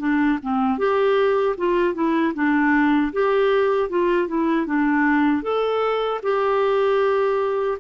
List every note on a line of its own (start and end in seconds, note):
0.00 0.39 D4
0.43 0.79 C4
0.79 1.57 G4
1.58 1.95 F4
1.95 2.34 E4
2.35 3.13 D4
3.13 3.90 G4
3.90 4.28 F4
4.28 4.67 E4
4.67 5.43 D4
5.43 6.21 A4
6.23 7.79 G4